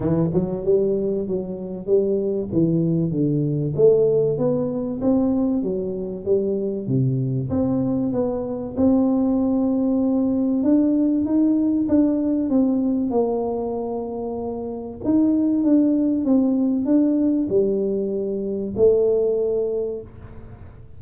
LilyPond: \new Staff \with { instrumentName = "tuba" } { \time 4/4 \tempo 4 = 96 e8 fis8 g4 fis4 g4 | e4 d4 a4 b4 | c'4 fis4 g4 c4 | c'4 b4 c'2~ |
c'4 d'4 dis'4 d'4 | c'4 ais2. | dis'4 d'4 c'4 d'4 | g2 a2 | }